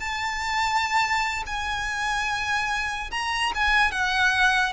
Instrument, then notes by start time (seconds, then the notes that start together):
violin
0.00 A5
1.46 G#5
3.12 A#5
3.55 G#5
3.92 F#5